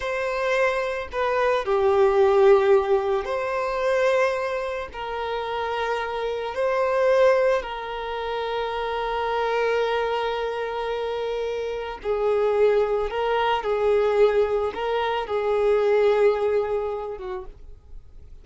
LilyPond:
\new Staff \with { instrumentName = "violin" } { \time 4/4 \tempo 4 = 110 c''2 b'4 g'4~ | g'2 c''2~ | c''4 ais'2. | c''2 ais'2~ |
ais'1~ | ais'2 gis'2 | ais'4 gis'2 ais'4 | gis'2.~ gis'8 fis'8 | }